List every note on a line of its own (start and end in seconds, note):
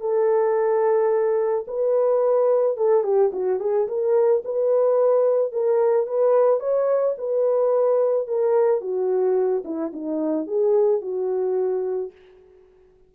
0.00 1.65 A4
1.67 2.77 B4
2.77 3.03 A4
3.03 3.31 G4
3.32 3.60 F#4
3.60 3.87 G#4
3.87 4.42 A#4
4.44 5.52 B4
5.52 6.07 A#4
6.07 6.60 B4
6.60 7.15 C#5
7.17 8.27 B4
8.27 8.81 A#4
8.81 9.63 F#4
9.64 9.92 E4
9.93 10.46 D#4
10.46 11.01 G#4
11.01 12.11 F#4